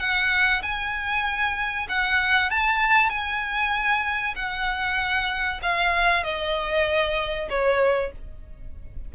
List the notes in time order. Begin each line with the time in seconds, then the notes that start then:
0.00 F#5
0.63 G#5
1.89 F#5
2.51 A5
3.10 G#5
4.36 F#5
5.63 F5
6.24 D#5
7.50 C#5